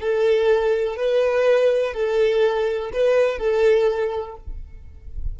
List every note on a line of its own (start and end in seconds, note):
0.00 0.96 A4
0.96 1.94 B4
1.94 2.91 A4
2.93 3.39 B4
3.39 4.36 A4